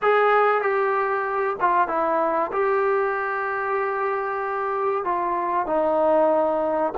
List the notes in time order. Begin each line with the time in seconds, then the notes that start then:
0.01 G#4
0.61 G4
1.60 F4
1.87 E4
2.52 G4
5.04 F4
5.66 D#4